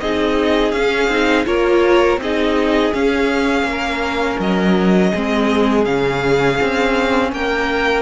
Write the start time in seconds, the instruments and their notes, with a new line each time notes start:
0.00 cello C4, viola D#4, violin G#4 D#5
0.71 cello C#4, viola C#4, violin F5
1.08 cello C4, viola D#4
1.45 cello A#3, viola F4, violin A#4 C#5
2.17 cello C4, viola D#4, violin G#4 D#5
2.93 cello C#4, viola C#4, violin F5
3.62 cello A#3
3.71 violin A#4
4.39 cello F#3, violin D#5
5.10 cello G#3, viola C4, violin G#4
5.84 cello C#3, viola C#4, violin F5
6.61 cello C4
7.32 cello A#3, violin A#4 G5